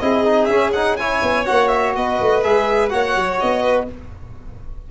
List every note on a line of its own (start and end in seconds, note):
0.00 0.47 C4
0.00 0.25 E4
0.00 0.99 G#4
0.00 0.46 D#5
0.25 0.49 D#4
0.46 1.21 C#4
0.46 0.74 C#4
0.46 0.70 E5
0.73 0.99 D#4
0.73 0.97 F#5
0.97 1.45 E4
0.97 1.97 C#5
0.97 1.46 G#5
1.22 1.47 B3
1.45 1.96 A#3
1.45 2.43 F#4
1.45 1.68 F#5
1.68 1.92 E5
1.96 2.20 B3
1.96 2.93 B4
1.96 2.44 D#5
2.21 2.45 A3
2.43 2.93 G#3
2.43 2.90 G#4
2.43 2.89 E5
2.89 3.16 A#3
2.89 3.88 F#4
2.89 3.63 C#5
2.89 3.38 F#5
3.16 3.40 F#3
3.40 3.91 B3
3.40 3.89 D#5
3.63 3.87 B4